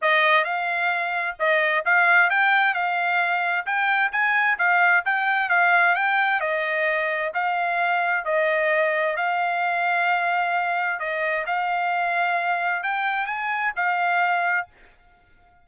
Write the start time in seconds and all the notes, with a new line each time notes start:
0.01 D#5
0.44 F5
1.39 D#5
1.85 F5
2.30 G5
2.74 F5
3.66 G5
4.12 G#5
4.58 F5
5.05 G5
5.49 F5
5.95 G5
6.40 D#5
7.34 F5
8.24 D#5
9.16 F5
10.99 D#5
11.46 F5
12.83 G5
13.26 G#5
13.76 F5